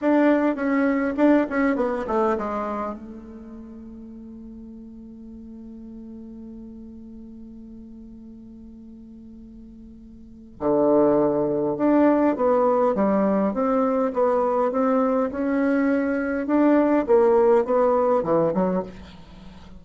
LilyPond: \new Staff \with { instrumentName = "bassoon" } { \time 4/4 \tempo 4 = 102 d'4 cis'4 d'8 cis'8 b8 a8 | gis4 a2.~ | a1~ | a1~ |
a2 d2 | d'4 b4 g4 c'4 | b4 c'4 cis'2 | d'4 ais4 b4 e8 fis8 | }